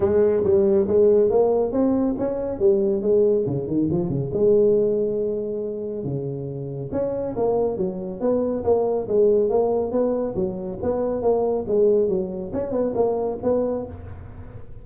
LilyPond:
\new Staff \with { instrumentName = "tuba" } { \time 4/4 \tempo 4 = 139 gis4 g4 gis4 ais4 | c'4 cis'4 g4 gis4 | cis8 dis8 f8 cis8 gis2~ | gis2 cis2 |
cis'4 ais4 fis4 b4 | ais4 gis4 ais4 b4 | fis4 b4 ais4 gis4 | fis4 cis'8 b8 ais4 b4 | }